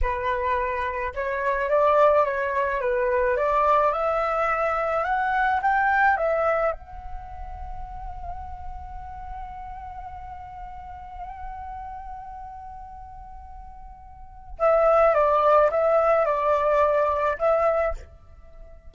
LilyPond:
\new Staff \with { instrumentName = "flute" } { \time 4/4 \tempo 4 = 107 b'2 cis''4 d''4 | cis''4 b'4 d''4 e''4~ | e''4 fis''4 g''4 e''4 | fis''1~ |
fis''1~ | fis''1~ | fis''2 e''4 d''4 | e''4 d''2 e''4 | }